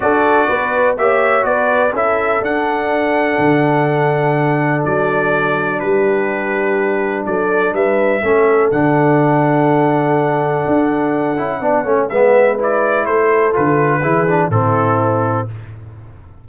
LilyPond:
<<
  \new Staff \with { instrumentName = "trumpet" } { \time 4/4 \tempo 4 = 124 d''2 e''4 d''4 | e''4 fis''2.~ | fis''2 d''2 | b'2. d''4 |
e''2 fis''2~ | fis''1~ | fis''4 e''4 d''4 c''4 | b'2 a'2 | }
  \new Staff \with { instrumentName = "horn" } { \time 4/4 a'4 b'4 cis''4 b'4 | a'1~ | a'1 | g'2. a'4 |
b'4 a'2.~ | a'1 | d''8 cis''8 b'2 a'4~ | a'4 gis'4 e'2 | }
  \new Staff \with { instrumentName = "trombone" } { \time 4/4 fis'2 g'4 fis'4 | e'4 d'2.~ | d'1~ | d'1~ |
d'4 cis'4 d'2~ | d'2.~ d'8 e'8 | d'8 cis'8 b4 e'2 | f'4 e'8 d'8 c'2 | }
  \new Staff \with { instrumentName = "tuba" } { \time 4/4 d'4 b4 ais4 b4 | cis'4 d'2 d4~ | d2 fis2 | g2. fis4 |
g4 a4 d2~ | d2 d'4. cis'8 | b8 a8 gis2 a4 | d4 e4 a,2 | }
>>